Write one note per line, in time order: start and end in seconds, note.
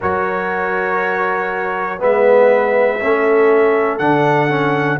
0.00 2.01 F#3
0.00 1.99 F#4
0.00 1.99 A#4
0.00 2.01 C#5
1.99 3.01 G#3
1.99 2.99 B3
1.99 2.99 B4
1.99 3.98 E5
2.99 3.99 A3
2.99 3.99 C#4
2.99 5.00 A4
3.98 4.99 D3
3.98 4.49 D4
3.98 4.98 F#5
4.49 4.99 C#4